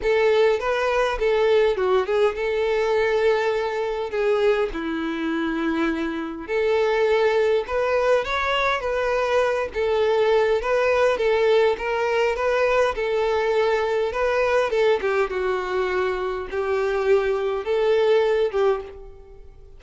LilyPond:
\new Staff \with { instrumentName = "violin" } { \time 4/4 \tempo 4 = 102 a'4 b'4 a'4 fis'8 gis'8 | a'2. gis'4 | e'2. a'4~ | a'4 b'4 cis''4 b'4~ |
b'8 a'4. b'4 a'4 | ais'4 b'4 a'2 | b'4 a'8 g'8 fis'2 | g'2 a'4. g'8 | }